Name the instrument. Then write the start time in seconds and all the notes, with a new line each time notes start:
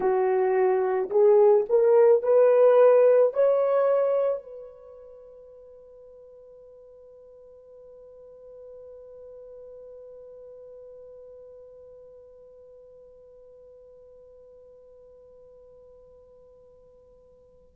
horn
0.00 F#4
1.10 G#4
1.69 A#4
2.22 B4
3.33 C#5
4.42 B4